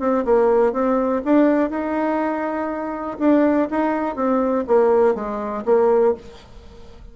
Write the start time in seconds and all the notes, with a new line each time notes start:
0.00 C4
0.25 A#3
0.73 C4
1.25 D4
1.70 D#4
3.20 D4
3.71 D#4
4.16 C4
4.67 A#3
5.15 G#3
5.65 A#3